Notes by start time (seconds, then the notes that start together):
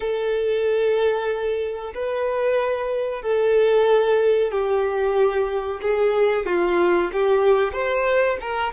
0.00 A4
1.94 B4
3.22 A4
4.51 G4
5.81 G#4
6.45 F4
7.12 G4
7.72 C5
8.40 A#4